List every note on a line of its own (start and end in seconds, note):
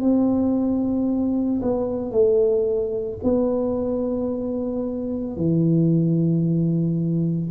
0.00 1.61 C4
1.61 2.11 B3
2.11 3.19 A3
3.23 5.36 B3
5.36 7.50 E3